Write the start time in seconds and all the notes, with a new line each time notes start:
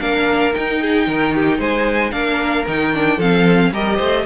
0.00 A#3 D4 A#4 F5
0.53 D#4 G5
0.81 G#4
1.07 D#3 A#4
1.34 G4
1.58 G#3 C5 G#5
2.11 A#3 D4 A#4 F5
2.67 D#3 D#4 G5
2.93 D4
3.17 F3 C4 A4 F5
3.72 G3 G4 A#4 D#5
3.96 A3 C5